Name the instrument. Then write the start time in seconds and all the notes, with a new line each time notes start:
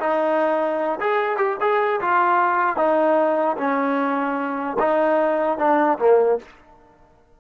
trombone
0.00 D#4
1.00 G#4
1.37 G4
1.61 G#4
2.01 F4
2.77 D#4
3.57 C#4
4.79 D#4
5.59 D4
5.99 A#3